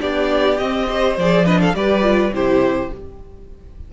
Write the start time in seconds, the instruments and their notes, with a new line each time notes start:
0.00 cello B3, viola D4, violin G4 D5
0.58 cello C4, viola C4, violin D#5
0.88 viola G4, violin C5
1.17 cello F3, viola G#4, violin D5
1.46 viola D4, violin B4 D#5
1.61 violin A4 F5
1.74 cello G3, viola G4, violin B4 D5
2.03 viola F4
2.31 cello C3, viola E4, violin G4 C5